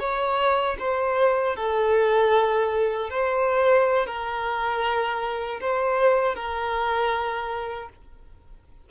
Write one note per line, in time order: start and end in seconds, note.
0.00 0.77 C#5
0.79 1.56 C5
1.56 3.10 A4
3.10 4.07 C5
4.07 5.60 A#4
5.61 6.35 C5
6.35 7.89 A#4